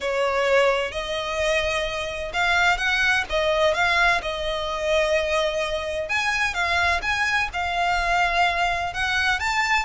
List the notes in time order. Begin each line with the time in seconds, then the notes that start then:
0.01 C#5
0.91 D#5
2.33 F5
2.77 F#5
3.29 D#5
3.74 F5
4.22 D#5
6.08 G#5
6.54 F5
7.02 G#5
7.53 F5
8.93 F#5
9.39 A5